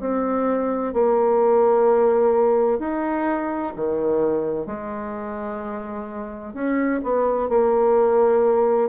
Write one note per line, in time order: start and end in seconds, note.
0.00 0.93 C4
0.93 2.79 A#3
2.79 3.72 D#4
3.75 4.66 D#3
4.66 6.53 G#3
6.54 7.01 C#4
7.03 7.49 B3
7.49 8.89 A#3